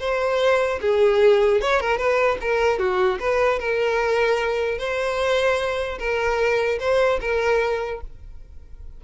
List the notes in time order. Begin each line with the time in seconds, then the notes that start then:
0.00 C5
0.82 G#4
1.62 C#5
1.81 A#4
1.98 B4
2.41 A#4
2.79 F#4
3.20 B4
3.60 A#4
4.79 C5
5.99 A#4
6.80 C5
7.21 A#4